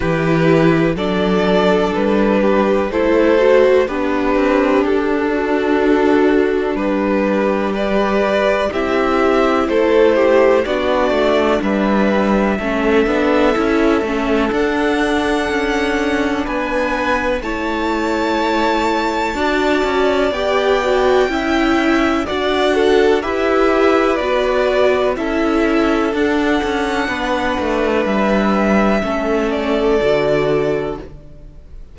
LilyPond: <<
  \new Staff \with { instrumentName = "violin" } { \time 4/4 \tempo 4 = 62 b'4 d''4 b'4 c''4 | b'4 a'2 b'4 | d''4 e''4 c''4 d''4 | e''2. fis''4~ |
fis''4 gis''4 a''2~ | a''4 g''2 fis''4 | e''4 d''4 e''4 fis''4~ | fis''4 e''4. d''4. | }
  \new Staff \with { instrumentName = "violin" } { \time 4/4 g'4 a'4. g'8 a'4 | d'1 | b'4 g'4 a'8 g'8 fis'4 | b'4 a'2.~ |
a'4 b'4 cis''2 | d''2 e''4 d''8 a'8 | b'2 a'2 | b'2 a'2 | }
  \new Staff \with { instrumentName = "viola" } { \time 4/4 e'4 d'2 e'8 fis'8 | g'4. fis'4. g'4~ | g'4 e'2 d'4~ | d'4 cis'8 d'8 e'8 cis'8 d'4~ |
d'2 e'2 | fis'4 g'8 fis'8 e'4 fis'4 | g'4 fis'4 e'4 d'4~ | d'2 cis'4 fis'4 | }
  \new Staff \with { instrumentName = "cello" } { \time 4/4 e4 fis4 g4 a4 | b8 c'8 d'2 g4~ | g4 c'4 a4 b8 a8 | g4 a8 b8 cis'8 a8 d'4 |
cis'4 b4 a2 | d'8 cis'8 b4 cis'4 d'4 | e'4 b4 cis'4 d'8 cis'8 | b8 a8 g4 a4 d4 | }
>>